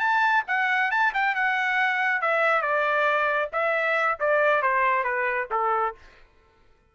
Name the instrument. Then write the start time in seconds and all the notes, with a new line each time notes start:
trumpet
0.00 A5
0.48 F#5
0.91 A5
1.14 G5
1.35 F#5
2.22 E5
2.62 D5
3.53 E5
4.20 D5
4.62 C5
5.04 B4
5.52 A4